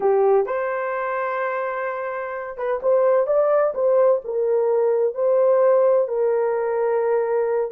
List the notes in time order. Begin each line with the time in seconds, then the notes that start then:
0.00 G4
0.46 C5
2.57 B4
2.82 C5
3.26 D5
3.74 C5
4.24 A#4
5.14 C5
6.08 A#4